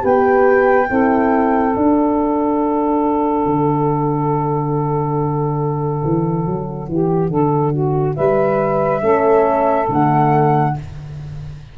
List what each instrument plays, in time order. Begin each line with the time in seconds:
0.00 tuba B3, horn G4, saxophone B4, flute G5
0.89 tuba C4, horn E4, saxophone A4
1.74 horn D4, tuba D4, flute F#5
3.46 tuba D3
6.05 tuba E3
6.47 tuba F#3
6.89 tuba E3, saxophone G4
7.30 tuba D3, saxophone A4
7.72 saxophone F#4
8.16 tuba G3, saxophone B4, flute E5
9.02 tuba A3, horn C#4, saxophone A4
9.89 tuba D3, horn A3, flute F#5